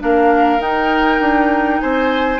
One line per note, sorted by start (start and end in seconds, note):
0.00 0.58 A#3
0.00 0.59 D4
0.00 1.82 A#4
0.00 0.61 F5
0.58 1.18 D#4
0.58 2.39 D#4
0.58 1.80 G5
1.20 1.80 D4
1.80 2.39 C4
1.80 2.39 C5
1.80 2.39 G#5